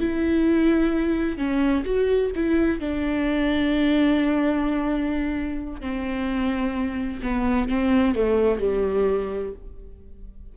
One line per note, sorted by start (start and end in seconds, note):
0.00 1.37 E4
1.37 1.84 C#4
1.85 2.31 F#4
2.35 2.80 E4
2.80 5.81 D4
5.81 7.20 C4
7.22 7.69 B3
7.69 8.15 C4
8.15 8.59 A3
8.59 9.52 G3